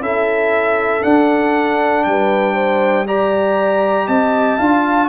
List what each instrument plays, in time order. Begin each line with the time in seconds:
0.00 tuba C#4, trombone E4, horn A4, trumpet E5
1.02 trombone D4, tuba D4, trumpet F#5
2.04 tuba G3, horn B4, trumpet G5
2.54 horn C5
3.07 trombone G4, horn D5, trumpet A#5
4.07 tuba C4, horn D#5, trumpet A5
4.58 tuba D4, trombone F4, horn F5